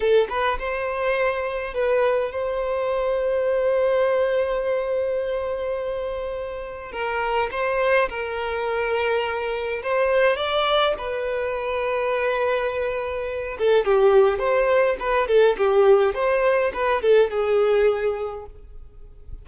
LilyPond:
\new Staff \with { instrumentName = "violin" } { \time 4/4 \tempo 4 = 104 a'8 b'8 c''2 b'4 | c''1~ | c''1 | ais'4 c''4 ais'2~ |
ais'4 c''4 d''4 b'4~ | b'2.~ b'8 a'8 | g'4 c''4 b'8 a'8 g'4 | c''4 b'8 a'8 gis'2 | }